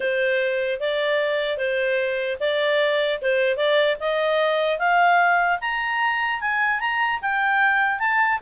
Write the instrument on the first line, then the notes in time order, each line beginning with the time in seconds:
clarinet
0.00 C5
0.80 D5
1.57 C5
2.40 D5
3.21 C5
3.56 D5
3.99 D#5
4.78 F5
5.60 A#5
6.40 G#5
6.79 A#5
7.21 G5
7.99 A5